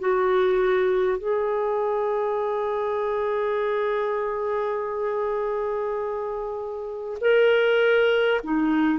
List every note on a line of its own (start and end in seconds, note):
0.00 1.18 F#4
1.18 7.18 G#4
7.21 8.41 A#4
8.44 8.99 D#4